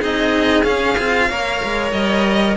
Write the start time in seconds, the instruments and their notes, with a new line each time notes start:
0.00 cello C4 D#4, violin G#4 D#5
0.63 cello C#4, violin F5
0.98 cello C4 F4
1.29 cello A#3 A#4, violin C#5
1.64 cello G#3
1.92 cello G3, violin D#5